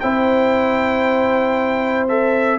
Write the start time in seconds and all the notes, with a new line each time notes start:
0.00 C4 E4 C5 G5
2.08 A4 E5